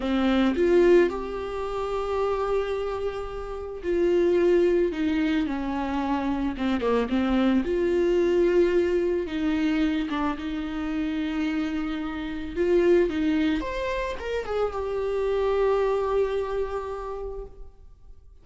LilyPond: \new Staff \with { instrumentName = "viola" } { \time 4/4 \tempo 4 = 110 c'4 f'4 g'2~ | g'2. f'4~ | f'4 dis'4 cis'2 | c'8 ais8 c'4 f'2~ |
f'4 dis'4. d'8 dis'4~ | dis'2. f'4 | dis'4 c''4 ais'8 gis'8 g'4~ | g'1 | }